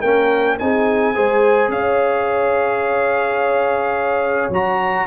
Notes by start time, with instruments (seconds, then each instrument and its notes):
0.00 tuba A#3, trombone C#4, horn A#4, trumpet G5
0.59 tuba C4, trombone D#4, horn G#4, trumpet G#5
1.15 tuba G#3, trombone G#4, horn C5
1.68 tuba C#4, horn C#5, trumpet F5
4.49 tuba F#3, trombone F#4, trumpet A#5